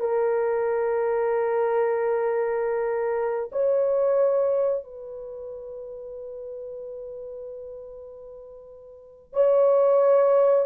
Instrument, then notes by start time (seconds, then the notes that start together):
horn
0.00 A#4
3.52 C#5
4.84 B4
9.33 C#5